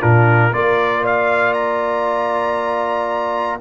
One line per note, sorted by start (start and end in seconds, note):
0.00 0.53 A#2
0.00 0.51 D4
0.00 0.52 F4
0.00 0.53 A#4
0.52 3.61 A#3
0.52 3.60 F4
0.52 1.02 A#4
0.52 1.05 D5
1.02 3.58 D5
1.02 1.53 F5
1.53 3.59 A#5